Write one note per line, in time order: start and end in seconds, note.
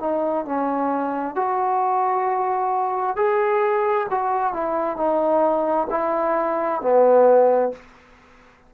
0.00 0.45 D#4
0.45 1.36 C#4
1.36 3.16 F#4
3.16 4.07 G#4
4.10 4.54 F#4
4.54 4.97 E4
4.97 5.88 D#4
5.90 6.81 E4
6.82 7.73 B3